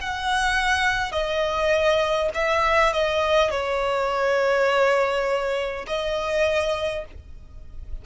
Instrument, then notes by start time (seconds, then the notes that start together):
violin
0.00 F#5
1.11 D#5
2.34 E5
2.93 D#5
3.50 C#5
5.87 D#5